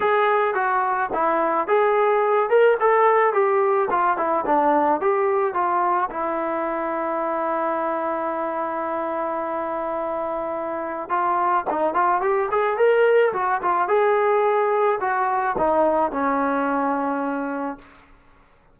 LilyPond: \new Staff \with { instrumentName = "trombone" } { \time 4/4 \tempo 4 = 108 gis'4 fis'4 e'4 gis'4~ | gis'8 ais'8 a'4 g'4 f'8 e'8 | d'4 g'4 f'4 e'4~ | e'1~ |
e'1 | f'4 dis'8 f'8 g'8 gis'8 ais'4 | fis'8 f'8 gis'2 fis'4 | dis'4 cis'2. | }